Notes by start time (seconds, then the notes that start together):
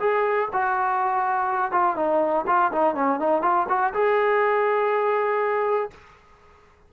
0.00 G#4
0.53 F#4
1.72 F4
1.96 D#4
2.47 F4
2.73 D#4
2.96 C#4
3.20 D#4
3.42 F4
3.69 F#4
3.94 G#4